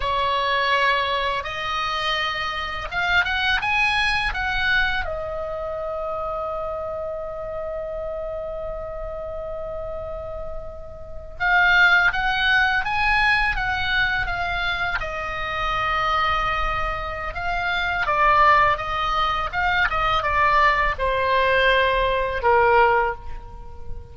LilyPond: \new Staff \with { instrumentName = "oboe" } { \time 4/4 \tempo 4 = 83 cis''2 dis''2 | f''8 fis''8 gis''4 fis''4 dis''4~ | dis''1~ | dis''2.~ dis''8. f''16~ |
f''8. fis''4 gis''4 fis''4 f''16~ | f''8. dis''2.~ dis''16 | f''4 d''4 dis''4 f''8 dis''8 | d''4 c''2 ais'4 | }